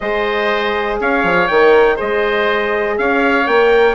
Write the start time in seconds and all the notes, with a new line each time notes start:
0.00 G#3 G#4 C5 D#5
1.00 C#4 C#5 F5
1.23 F3
1.47 D#3 A#4 G5
1.95 G#3 G#4 C5 D#5
2.98 C#4 C#5 F5
3.46 A#3 A#4 G5